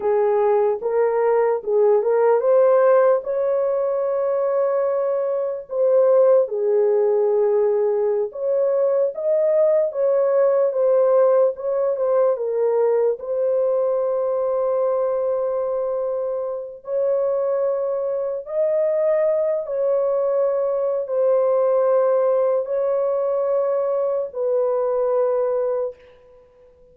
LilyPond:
\new Staff \with { instrumentName = "horn" } { \time 4/4 \tempo 4 = 74 gis'4 ais'4 gis'8 ais'8 c''4 | cis''2. c''4 | gis'2~ gis'16 cis''4 dis''8.~ | dis''16 cis''4 c''4 cis''8 c''8 ais'8.~ |
ais'16 c''2.~ c''8.~ | c''8. cis''2 dis''4~ dis''16~ | dis''16 cis''4.~ cis''16 c''2 | cis''2 b'2 | }